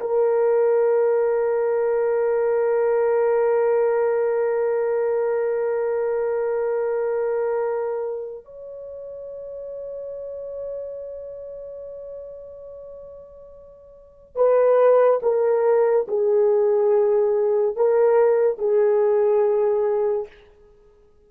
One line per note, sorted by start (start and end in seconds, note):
0.00 8.45 A#4
8.45 14.35 C#5
14.35 15.20 B4
15.22 16.07 A#4
16.08 17.76 G#4
17.76 18.58 A#4
18.58 20.27 G#4